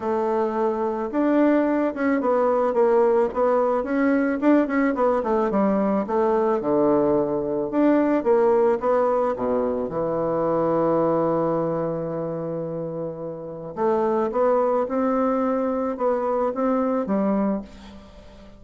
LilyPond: \new Staff \with { instrumentName = "bassoon" } { \time 4/4 \tempo 4 = 109 a2 d'4. cis'8 | b4 ais4 b4 cis'4 | d'8 cis'8 b8 a8 g4 a4 | d2 d'4 ais4 |
b4 b,4 e2~ | e1~ | e4 a4 b4 c'4~ | c'4 b4 c'4 g4 | }